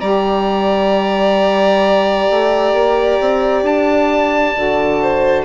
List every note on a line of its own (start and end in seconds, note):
0.00 2.28 G3
0.00 4.55 G4
0.00 5.00 D5
0.00 3.64 A#5
2.30 2.73 A3
2.73 3.18 A#3
3.20 3.62 C4
3.62 4.53 D4
3.62 5.44 A5
4.55 5.44 D3
4.55 5.44 F#4
5.02 5.44 C5